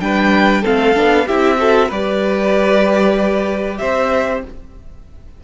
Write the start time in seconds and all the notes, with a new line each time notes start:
0.00 G3 D4 B4 G5
0.62 A3 C4 A4 F5
0.94 B3 D4
1.26 C4 E4 G4 E5
1.58 F#4 A4
1.88 G3 G4 B4 D5
3.77 C4 C5 E5